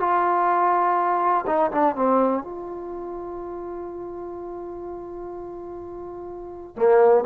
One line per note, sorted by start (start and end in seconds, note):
0.00 1.45 F4
1.47 1.71 D#4
1.72 1.96 D4
1.96 2.44 C4
2.44 6.77 F4
6.77 7.25 A#3